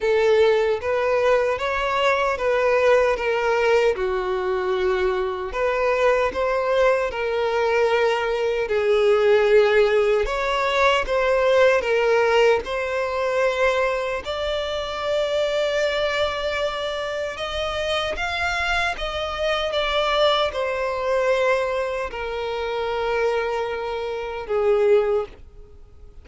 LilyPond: \new Staff \with { instrumentName = "violin" } { \time 4/4 \tempo 4 = 76 a'4 b'4 cis''4 b'4 | ais'4 fis'2 b'4 | c''4 ais'2 gis'4~ | gis'4 cis''4 c''4 ais'4 |
c''2 d''2~ | d''2 dis''4 f''4 | dis''4 d''4 c''2 | ais'2. gis'4 | }